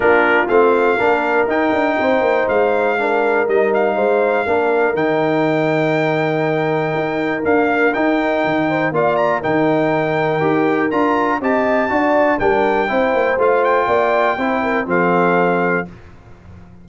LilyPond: <<
  \new Staff \with { instrumentName = "trumpet" } { \time 4/4 \tempo 4 = 121 ais'4 f''2 g''4~ | g''4 f''2 dis''8 f''8~ | f''2 g''2~ | g''2. f''4 |
g''2 f''8 ais''8 g''4~ | g''2 ais''4 a''4~ | a''4 g''2 f''8 g''8~ | g''2 f''2 | }
  \new Staff \with { instrumentName = "horn" } { \time 4/4 f'2 ais'2 | c''2 ais'2 | c''4 ais'2.~ | ais'1~ |
ais'4. c''8 d''4 ais'4~ | ais'2. dis''4 | d''4 ais'4 c''2 | d''4 c''8 ais'8 a'2 | }
  \new Staff \with { instrumentName = "trombone" } { \time 4/4 d'4 c'4 d'4 dis'4~ | dis'2 d'4 dis'4~ | dis'4 d'4 dis'2~ | dis'2. ais4 |
dis'2 f'4 dis'4~ | dis'4 g'4 f'4 g'4 | fis'4 d'4 e'4 f'4~ | f'4 e'4 c'2 | }
  \new Staff \with { instrumentName = "tuba" } { \time 4/4 ais4 a4 ais4 dis'8 d'8 | c'8 ais8 gis2 g4 | gis4 ais4 dis2~ | dis2 dis'4 d'4 |
dis'4 dis4 ais4 dis4~ | dis4 dis'4 d'4 c'4 | d'4 g4 c'8 ais8 a4 | ais4 c'4 f2 | }
>>